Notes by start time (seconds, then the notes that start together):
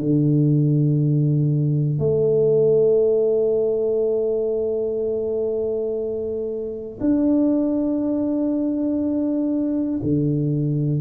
0.00 D3
1.99 A3
7.00 D4
10.03 D3